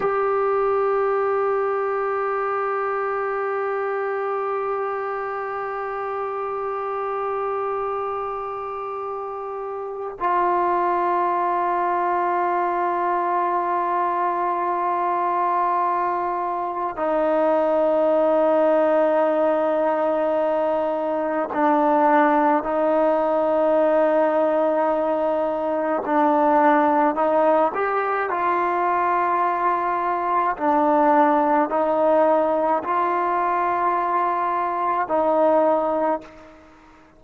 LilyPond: \new Staff \with { instrumentName = "trombone" } { \time 4/4 \tempo 4 = 53 g'1~ | g'1~ | g'4 f'2.~ | f'2. dis'4~ |
dis'2. d'4 | dis'2. d'4 | dis'8 g'8 f'2 d'4 | dis'4 f'2 dis'4 | }